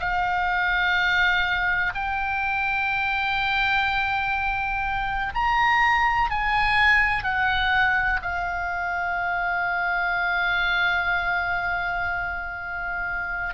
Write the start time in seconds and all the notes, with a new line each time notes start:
0.00 F5
1.95 G5
5.34 A#5
6.31 G#5
7.24 F#5
8.22 F5